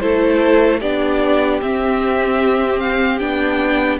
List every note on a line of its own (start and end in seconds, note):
0.00 0.82 A3
0.00 0.81 E4
0.00 0.81 A4
0.00 0.80 C5
0.81 1.62 B3
0.81 1.61 D4
0.81 4.00 G4
0.81 1.61 D5
1.61 3.20 C4
1.61 3.21 C4
1.61 2.80 E5
2.80 3.19 F5
3.19 4.00 B3
3.19 4.00 D4
3.19 3.99 G5